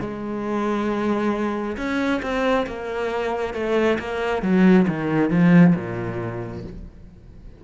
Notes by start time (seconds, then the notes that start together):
0.00 G#3
1.76 C#4
2.22 C4
2.66 A#3
3.54 A3
3.99 A#3
4.42 F#3
4.88 D#3
5.30 F3
5.75 A#2